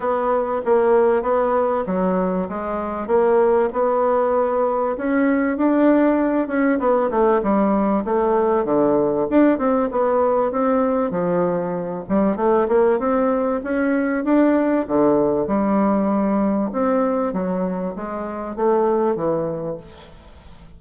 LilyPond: \new Staff \with { instrumentName = "bassoon" } { \time 4/4 \tempo 4 = 97 b4 ais4 b4 fis4 | gis4 ais4 b2 | cis'4 d'4. cis'8 b8 a8 | g4 a4 d4 d'8 c'8 |
b4 c'4 f4. g8 | a8 ais8 c'4 cis'4 d'4 | d4 g2 c'4 | fis4 gis4 a4 e4 | }